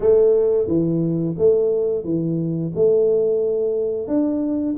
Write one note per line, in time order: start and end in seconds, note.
0.00 0.67 A3
0.67 1.35 E3
1.38 2.04 A3
2.04 2.72 E3
2.75 4.07 A3
4.07 4.75 D4